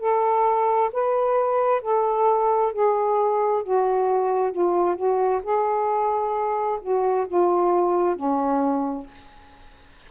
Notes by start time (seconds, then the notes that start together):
0.00 A4
0.93 B4
1.82 A4
2.73 G#4
3.63 F#4
4.52 F4
4.96 F#4
5.43 G#4
6.81 F#4
7.28 F4
8.16 C#4